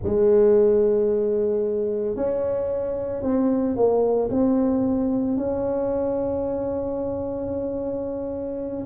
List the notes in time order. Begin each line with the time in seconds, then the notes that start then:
0.03 G#3
2.15 C#4
3.22 C4
3.75 A#3
4.30 C4
5.37 C#4